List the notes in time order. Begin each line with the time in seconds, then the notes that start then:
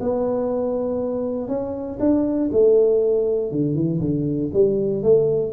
0.00 B3
1.48 C#4
1.99 D4
2.52 A3
3.51 D3
3.74 E3
4.00 D3
4.53 G3
5.03 A3